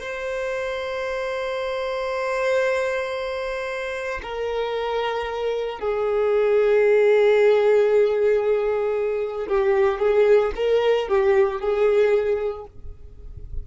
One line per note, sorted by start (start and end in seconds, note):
0.00 4.21 C5
4.23 5.79 A#4
5.79 9.48 G#4
9.48 10.00 G4
10.00 10.52 G#4
10.56 11.09 A#4
11.09 11.60 G4
11.60 12.66 G#4